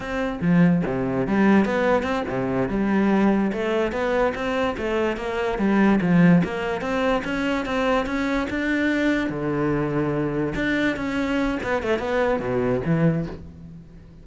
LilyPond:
\new Staff \with { instrumentName = "cello" } { \time 4/4 \tempo 4 = 145 c'4 f4 c4 g4 | b4 c'8 c4 g4.~ | g8 a4 b4 c'4 a8~ | a8 ais4 g4 f4 ais8~ |
ais8 c'4 cis'4 c'4 cis'8~ | cis'8 d'2 d4.~ | d4. d'4 cis'4. | b8 a8 b4 b,4 e4 | }